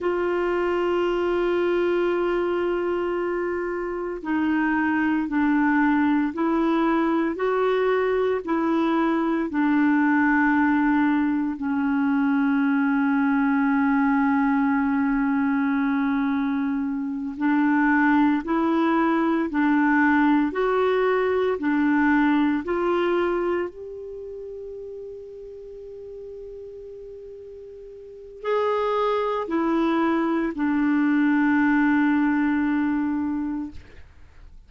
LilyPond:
\new Staff \with { instrumentName = "clarinet" } { \time 4/4 \tempo 4 = 57 f'1 | dis'4 d'4 e'4 fis'4 | e'4 d'2 cis'4~ | cis'1~ |
cis'8 d'4 e'4 d'4 fis'8~ | fis'8 d'4 f'4 g'4.~ | g'2. gis'4 | e'4 d'2. | }